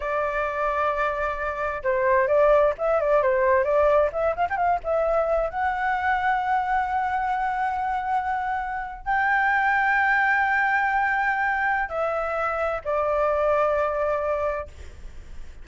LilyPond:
\new Staff \with { instrumentName = "flute" } { \time 4/4 \tempo 4 = 131 d''1 | c''4 d''4 e''8 d''8 c''4 | d''4 e''8 f''16 g''16 f''8 e''4. | fis''1~ |
fis''2.~ fis''8. g''16~ | g''1~ | g''2 e''2 | d''1 | }